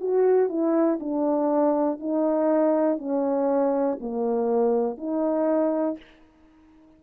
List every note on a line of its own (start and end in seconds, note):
0.00 0.49 F#4
0.49 0.99 E4
1.00 1.99 D4
1.99 2.98 D#4
2.98 3.98 C#4
4.00 4.97 A#3
4.97 5.97 D#4